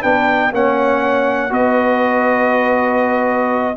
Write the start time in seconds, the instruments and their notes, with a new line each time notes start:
0.00 tuba B3, trombone D4, horn B4, trumpet G5
0.51 tuba A#3, trombone C#4, horn C#5, trumpet F#5
1.49 tuba B3, trombone F#4, horn B4, trumpet D#5